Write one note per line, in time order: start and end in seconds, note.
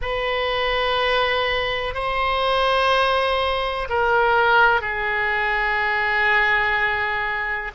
0.01 1.94 B4
1.94 3.88 C5
3.89 4.81 A#4
4.81 7.71 G#4